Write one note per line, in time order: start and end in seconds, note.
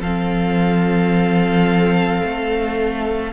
0.00 2.22 F3
0.00 3.33 C4
0.00 3.33 A4
0.00 3.33 F5
2.24 3.33 A3